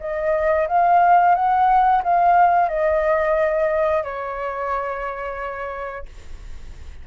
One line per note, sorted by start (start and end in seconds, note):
0.00 0.67 D#5
0.68 1.35 F5
1.35 2.02 F#5
2.03 2.69 F5
2.69 4.03 D#5
4.03 6.06 C#5